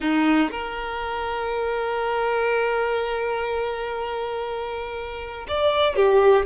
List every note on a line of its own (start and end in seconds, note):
0.00 0.50 D#4
0.50 5.46 A#4
5.47 5.96 D5
5.96 6.45 G4